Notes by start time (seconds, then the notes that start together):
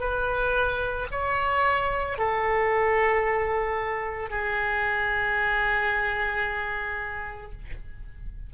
0.00 B4
1.11 C#5
2.18 A4
4.30 G#4